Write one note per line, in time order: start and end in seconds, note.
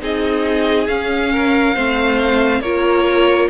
0.00 0.88 C4
0.00 0.87 D#4
0.00 1.32 G#4
0.00 0.87 D#5
0.87 1.75 C#4
0.87 2.61 F5
1.32 1.74 A#4
1.74 2.60 A3
1.74 2.63 C4
1.74 2.61 C5
2.60 3.47 A#3
2.60 3.49 F4
2.60 3.49 A#4
2.60 3.48 C#5